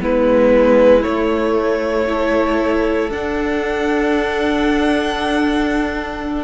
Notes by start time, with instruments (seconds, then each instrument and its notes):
0.00 cello G#3, viola B3, violin E4 B4
1.03 viola A3, cello A3, violin C#5
2.07 viola E4, violin A4
3.10 cello D4, viola D4, violin F#5